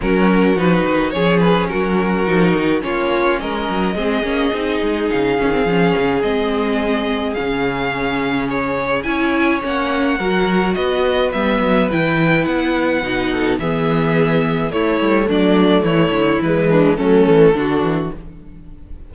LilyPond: <<
  \new Staff \with { instrumentName = "violin" } { \time 4/4 \tempo 4 = 106 ais'4 b'4 cis''8 b'8 ais'4~ | ais'4 cis''4 dis''2~ | dis''4 f''2 dis''4~ | dis''4 f''2 cis''4 |
gis''4 fis''2 dis''4 | e''4 g''4 fis''2 | e''2 cis''4 d''4 | cis''4 b'4 a'2 | }
  \new Staff \with { instrumentName = "violin" } { \time 4/4 fis'2 gis'4 fis'4~ | fis'4 f'4 ais'4 gis'4~ | gis'1~ | gis'1 |
cis''2 ais'4 b'4~ | b'2.~ b'8 a'8 | gis'2 e'4 d'4 | e'4. d'8 cis'4 fis'4 | }
  \new Staff \with { instrumentName = "viola" } { \time 4/4 cis'4 dis'4 cis'2 | dis'4 cis'2 c'8 cis'8 | dis'4. cis'16 c'16 cis'4 c'4~ | c'4 cis'2. |
e'4 cis'4 fis'2 | b4 e'2 dis'4 | b2 a2~ | a4 gis4 a4 d'4 | }
  \new Staff \with { instrumentName = "cello" } { \time 4/4 fis4 f8 dis8 f4 fis4 | f8 dis8 ais4 gis8 fis8 gis8 ais8 | c'8 gis8 cis8 dis8 f8 cis8 gis4~ | gis4 cis2. |
cis'4 ais4 fis4 b4 | g8 fis8 e4 b4 b,4 | e2 a8 g8 fis4 | e8 d8 e4 fis8 e8 d8 e8 | }
>>